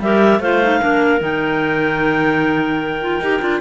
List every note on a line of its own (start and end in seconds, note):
0.00 0.40 G3
0.00 0.42 G4
0.00 0.41 A#4
0.00 0.42 E5
0.40 0.80 A3
0.40 0.63 F4
0.40 0.81 C5
0.40 1.22 F5
0.63 0.81 D#4
0.81 1.21 A#3
0.81 1.20 D4
0.81 3.61 A#4
1.20 3.21 D#3
1.20 3.00 D#4
1.20 3.61 G5
3.02 3.22 F4
3.21 3.41 D#4
3.21 3.41 G4
3.41 3.61 D4
3.41 3.61 F4